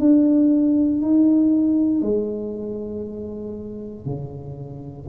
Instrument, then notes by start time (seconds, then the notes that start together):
tuba
0.00 D4
1.02 D#4
2.02 G#3
4.05 C#3